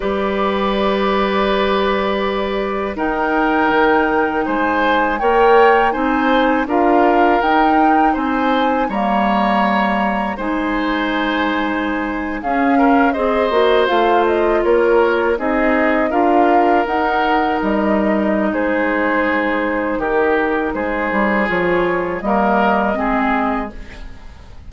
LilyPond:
<<
  \new Staff \with { instrumentName = "flute" } { \time 4/4 \tempo 4 = 81 d''1 | g''2 gis''4 g''4 | gis''4 f''4 g''4 gis''4 | ais''2 gis''2~ |
gis''8. f''4 dis''4 f''8 dis''8 cis''16~ | cis''8. dis''4 f''4 fis''4 dis''16~ | dis''4 c''2 ais'4 | c''4 cis''4 dis''2 | }
  \new Staff \with { instrumentName = "oboe" } { \time 4/4 b'1 | ais'2 c''4 cis''4 | c''4 ais'2 c''4 | cis''2 c''2~ |
c''8. gis'8 ais'8 c''2 ais'16~ | ais'8. gis'4 ais'2~ ais'16~ | ais'4 gis'2 g'4 | gis'2 ais'4 gis'4 | }
  \new Staff \with { instrumentName = "clarinet" } { \time 4/4 g'1 | dis'2. ais'4 | dis'4 f'4 dis'2 | ais2 dis'2~ |
dis'8. cis'4 gis'8 fis'8 f'4~ f'16~ | f'8. dis'4 f'4 dis'4~ dis'16~ | dis'1~ | dis'4 f'4 ais4 c'4 | }
  \new Staff \with { instrumentName = "bassoon" } { \time 4/4 g1 | dis'4 dis4 gis4 ais4 | c'4 d'4 dis'4 c'4 | g2 gis2~ |
gis8. cis'4 c'8 ais8 a4 ais16~ | ais8. c'4 d'4 dis'4 g16~ | g4 gis2 dis4 | gis8 g8 f4 g4 gis4 | }
>>